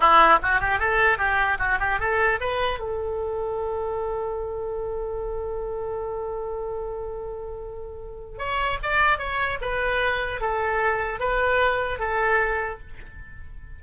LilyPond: \new Staff \with { instrumentName = "oboe" } { \time 4/4 \tempo 4 = 150 e'4 fis'8 g'8 a'4 g'4 | fis'8 g'8 a'4 b'4 a'4~ | a'1~ | a'1~ |
a'1~ | a'4 cis''4 d''4 cis''4 | b'2 a'2 | b'2 a'2 | }